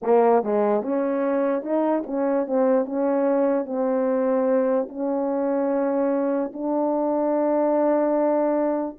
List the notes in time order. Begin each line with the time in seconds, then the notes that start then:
0.02 A#3
0.43 G#3
0.82 C#4
1.62 D#4
2.06 C#4
2.46 C4
2.85 C#4
3.65 C4
4.88 C#4
6.53 D4